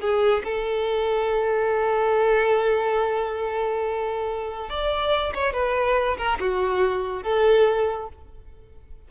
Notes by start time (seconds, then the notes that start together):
0.00 G#4
0.44 A4
4.69 D5
5.34 C#5
5.53 B4
6.17 A#4
6.40 F#4
7.23 A4